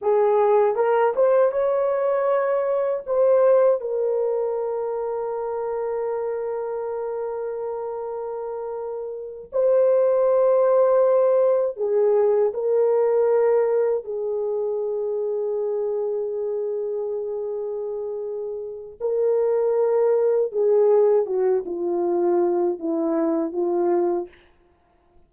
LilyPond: \new Staff \with { instrumentName = "horn" } { \time 4/4 \tempo 4 = 79 gis'4 ais'8 c''8 cis''2 | c''4 ais'2.~ | ais'1~ | ais'8 c''2. gis'8~ |
gis'8 ais'2 gis'4.~ | gis'1~ | gis'4 ais'2 gis'4 | fis'8 f'4. e'4 f'4 | }